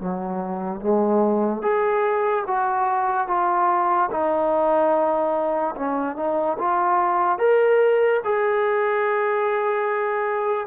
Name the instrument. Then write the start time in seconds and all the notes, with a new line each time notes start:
trombone
0.00 F#3
0.80 G#3
1.62 G#4
2.47 F#4
3.27 F4
4.11 D#4
5.75 C#4
6.16 D#4
6.59 F4
7.38 A#4
8.24 G#4